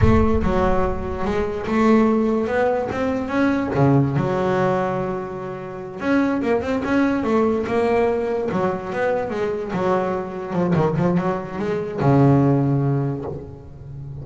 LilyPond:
\new Staff \with { instrumentName = "double bass" } { \time 4/4 \tempo 4 = 145 a4 fis2 gis4 | a2 b4 c'4 | cis'4 cis4 fis2~ | fis2~ fis8 cis'4 ais8 |
c'8 cis'4 a4 ais4.~ | ais8 fis4 b4 gis4 fis8~ | fis4. f8 dis8 f8 fis4 | gis4 cis2. | }